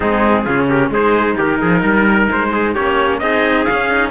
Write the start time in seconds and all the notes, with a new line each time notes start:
0.00 G#3 C4 D#4 G#4
0.44 C#3 C#4 F4
0.69 G4 A#4
0.89 G#3 D#4 G#4 C5
1.37 D#3 G4 A#4
1.60 F3 G#4
1.81 G3 A#4
2.31 G#3 C5
2.51 G#4
2.74 A#3 C#4 G4 C#5
3.18 C4 D#4 G#4 D#5
3.64 C#4 F5
3.71 C#4
3.90 D#4